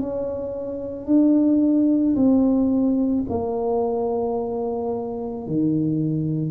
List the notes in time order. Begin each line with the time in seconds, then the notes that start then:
0.00 C#4
1.07 D4
2.16 C4
3.30 A#3
5.47 D#3